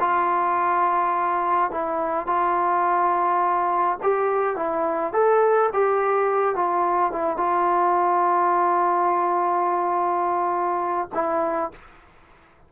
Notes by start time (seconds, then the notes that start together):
0.00 F4
1.71 E4
2.27 F4
4.03 G4
4.57 E4
5.13 A4
5.73 G4
6.55 F4
7.12 E4
7.37 F4
11.14 E4